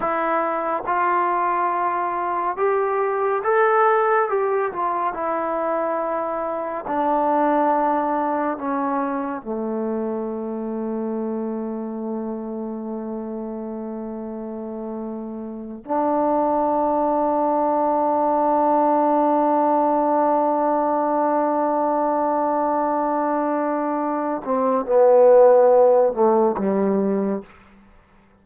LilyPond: \new Staff \with { instrumentName = "trombone" } { \time 4/4 \tempo 4 = 70 e'4 f'2 g'4 | a'4 g'8 f'8 e'2 | d'2 cis'4 a4~ | a1~ |
a2~ a8 d'4.~ | d'1~ | d'1~ | d'8 c'8 b4. a8 g4 | }